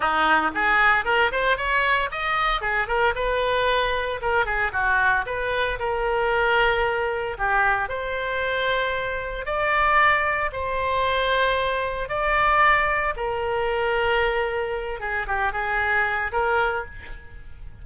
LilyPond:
\new Staff \with { instrumentName = "oboe" } { \time 4/4 \tempo 4 = 114 dis'4 gis'4 ais'8 c''8 cis''4 | dis''4 gis'8 ais'8 b'2 | ais'8 gis'8 fis'4 b'4 ais'4~ | ais'2 g'4 c''4~ |
c''2 d''2 | c''2. d''4~ | d''4 ais'2.~ | ais'8 gis'8 g'8 gis'4. ais'4 | }